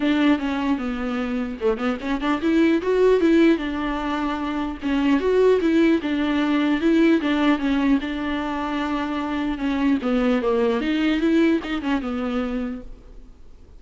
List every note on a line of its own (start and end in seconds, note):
0.00 0.38 D4
0.38 0.77 C#4
0.77 1.57 B3
1.60 1.77 A3
1.77 1.97 B3
2.00 2.20 C#4
2.21 2.41 D4
2.41 2.81 E4
2.81 3.20 F#4
3.20 3.57 E4
3.57 4.77 D4
4.82 5.19 C#4
5.19 5.59 F#4
5.60 6.00 E4
6.01 6.81 D4
6.81 7.21 E4
7.21 7.59 D4
7.59 7.99 C#4
8.00 9.57 D4
9.57 9.97 C#4
10.01 10.41 B3
10.42 10.81 A#3
10.81 11.20 D#4
11.20 11.60 E4
11.63 11.81 D#4
11.81 12.01 C#4
12.01 12.81 B3